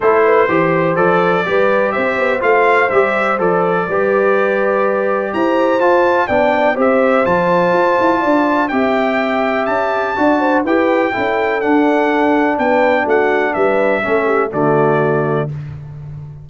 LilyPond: <<
  \new Staff \with { instrumentName = "trumpet" } { \time 4/4 \tempo 4 = 124 c''2 d''2 | e''4 f''4 e''4 d''4~ | d''2. ais''4 | a''4 g''4 e''4 a''4~ |
a''2 g''2 | a''2 g''2 | fis''2 g''4 fis''4 | e''2 d''2 | }
  \new Staff \with { instrumentName = "horn" } { \time 4/4 a'8 b'8 c''2 b'4 | c''1 | b'2. c''4~ | c''4 d''4 c''2~ |
c''4 d''4 e''2~ | e''4 d''8 c''8 b'4 a'4~ | a'2 b'4 fis'4 | b'4 a'8 g'8 fis'2 | }
  \new Staff \with { instrumentName = "trombone" } { \time 4/4 e'4 g'4 a'4 g'4~ | g'4 f'4 g'4 a'4 | g'1 | f'4 d'4 g'4 f'4~ |
f'2 g'2~ | g'4 fis'4 g'4 e'4 | d'1~ | d'4 cis'4 a2 | }
  \new Staff \with { instrumentName = "tuba" } { \time 4/4 a4 e4 f4 g4 | c'8 b8 a4 g4 f4 | g2. e'4 | f'4 b4 c'4 f4 |
f'8 e'8 d'4 c'2 | cis'4 d'4 e'4 cis'4 | d'2 b4 a4 | g4 a4 d2 | }
>>